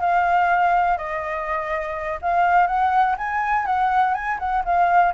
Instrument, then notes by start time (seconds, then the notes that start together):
flute
0.00 F5
0.97 D#5
2.22 F5
2.67 F#5
3.17 G#5
3.65 F#5
4.14 G#5
4.39 F#5
4.65 F5